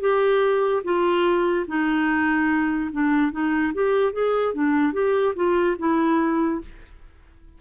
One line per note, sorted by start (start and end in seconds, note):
0.00 0.82 G4
0.84 1.66 F4
1.67 2.90 D#4
2.92 3.32 D4
3.32 3.73 D#4
3.74 4.13 G4
4.13 4.54 G#4
4.54 4.93 D4
4.93 5.34 G4
5.35 5.76 F4
5.79 6.61 E4